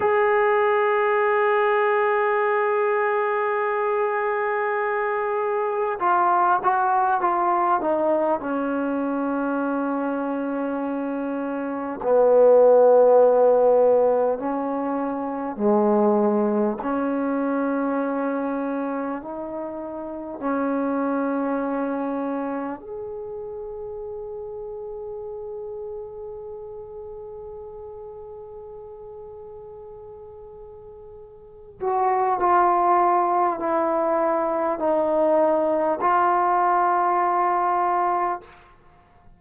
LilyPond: \new Staff \with { instrumentName = "trombone" } { \time 4/4 \tempo 4 = 50 gis'1~ | gis'4 f'8 fis'8 f'8 dis'8 cis'4~ | cis'2 b2 | cis'4 gis4 cis'2 |
dis'4 cis'2 gis'4~ | gis'1~ | gis'2~ gis'8 fis'8 f'4 | e'4 dis'4 f'2 | }